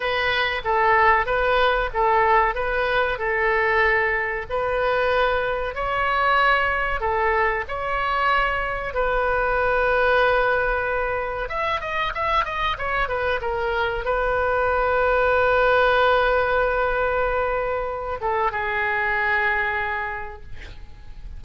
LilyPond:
\new Staff \with { instrumentName = "oboe" } { \time 4/4 \tempo 4 = 94 b'4 a'4 b'4 a'4 | b'4 a'2 b'4~ | b'4 cis''2 a'4 | cis''2 b'2~ |
b'2 e''8 dis''8 e''8 dis''8 | cis''8 b'8 ais'4 b'2~ | b'1~ | b'8 a'8 gis'2. | }